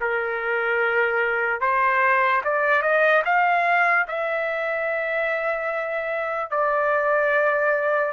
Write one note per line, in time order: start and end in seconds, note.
0.00 1.60 A#4
1.60 2.41 C5
2.44 2.82 D5
2.82 3.22 D#5
3.25 4.06 F5
4.07 6.50 E5
6.50 8.12 D5